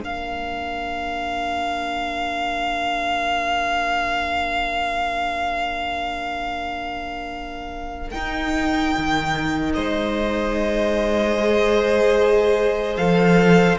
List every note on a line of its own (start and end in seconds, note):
0.00 8.13 A#3
0.00 8.11 D4
0.00 9.76 A#4
0.00 8.10 F5
8.10 8.95 D#4
8.10 11.38 D#4
8.10 9.73 G5
8.98 9.75 D#3
9.74 12.97 G#3
9.74 13.79 C5
9.74 12.97 D#5
11.38 12.97 G#4
12.97 13.78 F3
12.97 13.79 A4
12.97 13.78 F5